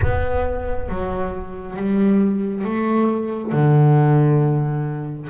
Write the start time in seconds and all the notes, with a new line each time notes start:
0.01 B3
0.88 F#3
1.76 G3
2.64 A3
3.52 D3